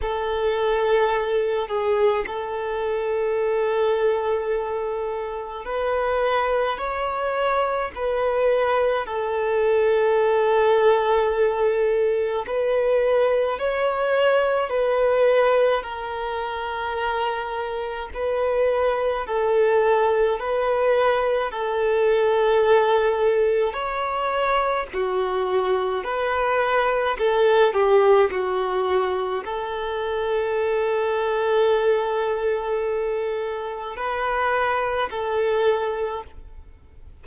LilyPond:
\new Staff \with { instrumentName = "violin" } { \time 4/4 \tempo 4 = 53 a'4. gis'8 a'2~ | a'4 b'4 cis''4 b'4 | a'2. b'4 | cis''4 b'4 ais'2 |
b'4 a'4 b'4 a'4~ | a'4 cis''4 fis'4 b'4 | a'8 g'8 fis'4 a'2~ | a'2 b'4 a'4 | }